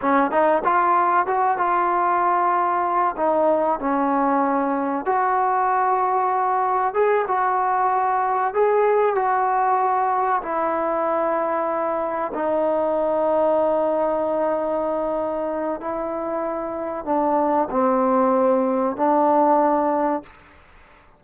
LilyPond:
\new Staff \with { instrumentName = "trombone" } { \time 4/4 \tempo 4 = 95 cis'8 dis'8 f'4 fis'8 f'4.~ | f'4 dis'4 cis'2 | fis'2. gis'8 fis'8~ | fis'4. gis'4 fis'4.~ |
fis'8 e'2. dis'8~ | dis'1~ | dis'4 e'2 d'4 | c'2 d'2 | }